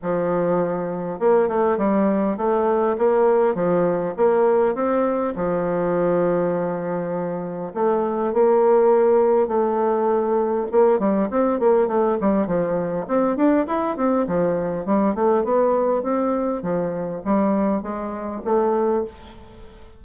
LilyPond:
\new Staff \with { instrumentName = "bassoon" } { \time 4/4 \tempo 4 = 101 f2 ais8 a8 g4 | a4 ais4 f4 ais4 | c'4 f2.~ | f4 a4 ais2 |
a2 ais8 g8 c'8 ais8 | a8 g8 f4 c'8 d'8 e'8 c'8 | f4 g8 a8 b4 c'4 | f4 g4 gis4 a4 | }